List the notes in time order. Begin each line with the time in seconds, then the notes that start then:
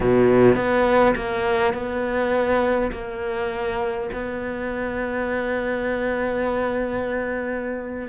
0.00 B2
0.55 B3
1.15 A#3
1.73 B3
2.92 A#3
4.12 B3